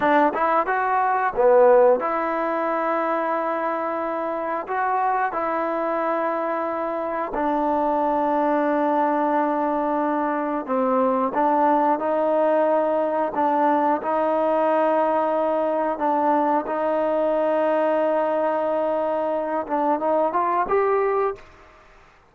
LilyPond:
\new Staff \with { instrumentName = "trombone" } { \time 4/4 \tempo 4 = 90 d'8 e'8 fis'4 b4 e'4~ | e'2. fis'4 | e'2. d'4~ | d'1 |
c'4 d'4 dis'2 | d'4 dis'2. | d'4 dis'2.~ | dis'4. d'8 dis'8 f'8 g'4 | }